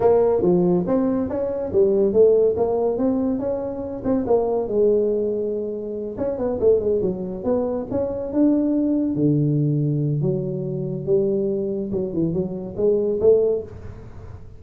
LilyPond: \new Staff \with { instrumentName = "tuba" } { \time 4/4 \tempo 4 = 141 ais4 f4 c'4 cis'4 | g4 a4 ais4 c'4 | cis'4. c'8 ais4 gis4~ | gis2~ gis8 cis'8 b8 a8 |
gis8 fis4 b4 cis'4 d'8~ | d'4. d2~ d8 | fis2 g2 | fis8 e8 fis4 gis4 a4 | }